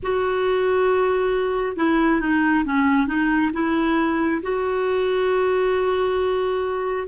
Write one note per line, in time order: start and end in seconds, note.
0.02 1.76 F#4
1.76 2.20 E4
2.20 2.64 D#4
2.64 3.06 C#4
3.06 3.51 D#4
3.53 4.41 E4
4.42 7.07 F#4